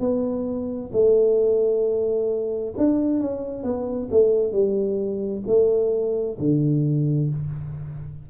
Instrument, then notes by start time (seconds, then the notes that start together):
tuba
0.00 B3
0.93 A3
2.78 D4
3.20 C#4
3.63 B3
4.11 A3
4.52 G3
5.47 A3
6.39 D3